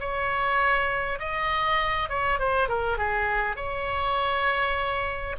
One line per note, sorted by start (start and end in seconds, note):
0.00 1.19 C#5
1.19 2.09 D#5
2.09 2.39 C#5
2.39 2.68 C5
2.68 2.98 A#4
2.98 3.56 G#4
3.56 5.36 C#5